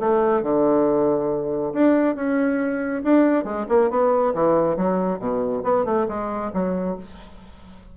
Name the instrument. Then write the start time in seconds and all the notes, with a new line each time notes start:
bassoon
0.00 A3
0.43 D3
1.74 D4
2.16 C#4
3.04 D4
3.44 G#3
3.69 A#3
3.91 B3
4.35 E3
4.77 F#3
5.19 B2
5.64 B3
5.85 A3
6.09 G#3
6.54 F#3